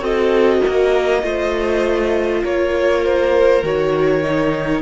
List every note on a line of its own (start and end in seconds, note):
0.00 0.60 C4
0.00 1.21 F#4
0.00 0.60 A4
0.00 2.44 D#5
0.60 1.20 A#4
0.68 1.23 A#3
1.22 2.43 A3
1.22 3.62 F4
1.22 2.43 C5
2.43 3.63 A#3
2.43 4.82 A#4
2.43 3.04 C#5
3.04 3.64 C5
3.63 4.82 D#3
3.63 4.22 F#4
3.63 4.82 C#5
4.22 4.82 D#4